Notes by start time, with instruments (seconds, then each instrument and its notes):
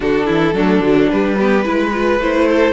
0.00 cello D3, viola D4, violin F#4 A4
0.26 cello E3, violin E4
0.53 cello F#3, viola A3, violin D4
0.79 cello D3, viola F#3
1.10 viola G3, cello G3, violin B4
1.38 viola B3, violin G4
1.64 cello G#3, viola E4, violin B4
1.93 viola F4
2.19 cello A3, viola E4, violin C5
2.48 violin A4